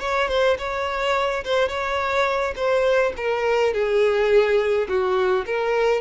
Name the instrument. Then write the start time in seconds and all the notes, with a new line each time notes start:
violin
0.00 C#5
0.29 C5
0.58 C#5
1.45 C5
1.69 C#5
2.56 C5
3.17 A#4
3.74 G#4
4.89 F#4
5.46 A#4